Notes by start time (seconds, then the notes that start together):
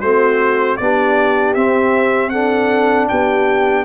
0.00 A3 C4 F#4 C5
0.77 B3 D4 G4 D5
1.54 C4 E5
2.30 D4 A4 F#5
3.09 B3 G4 G5